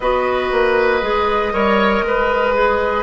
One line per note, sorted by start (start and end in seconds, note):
0.00 0.51 B3
0.00 1.02 F#4
0.00 1.53 B4
0.00 3.02 D#5
0.51 1.02 A#3
1.02 1.53 G#3
1.02 1.53 G#4
1.53 2.02 G3
1.53 2.54 A#4
1.53 2.04 C#5
2.02 3.02 G#3
2.02 3.02 B4
2.54 3.02 G#4